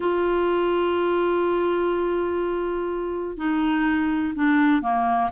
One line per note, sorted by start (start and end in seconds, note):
0.00 3.37 F4
3.37 4.34 D#4
4.35 4.82 D4
4.82 5.30 A#3